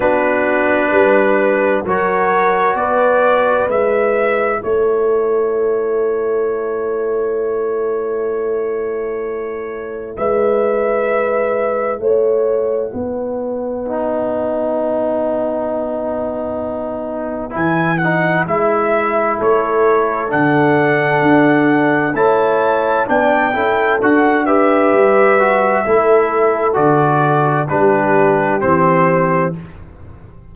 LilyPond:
<<
  \new Staff \with { instrumentName = "trumpet" } { \time 4/4 \tempo 4 = 65 b'2 cis''4 d''4 | e''4 cis''2.~ | cis''2. e''4~ | e''4 fis''2.~ |
fis''2. gis''8 fis''8 | e''4 cis''4 fis''2 | a''4 g''4 fis''8 e''4.~ | e''4 d''4 b'4 c''4 | }
  \new Staff \with { instrumentName = "horn" } { \time 4/4 fis'4 b'4 ais'4 b'4~ | b'4 a'2.~ | a'2. b'4~ | b'4 cis''4 b'2~ |
b'1~ | b'4 a'2. | cis''4 d''8 a'4 b'4. | a'2 g'2 | }
  \new Staff \with { instrumentName = "trombone" } { \time 4/4 d'2 fis'2 | e'1~ | e'1~ | e'2. dis'4~ |
dis'2. e'8 dis'8 | e'2 d'2 | e'4 d'8 e'8 fis'8 g'4 fis'8 | e'4 fis'4 d'4 c'4 | }
  \new Staff \with { instrumentName = "tuba" } { \time 4/4 b4 g4 fis4 b4 | gis4 a2.~ | a2. gis4~ | gis4 a4 b2~ |
b2. e4 | gis4 a4 d4 d'4 | a4 b8 cis'8 d'4 g4 | a4 d4 g4 e4 | }
>>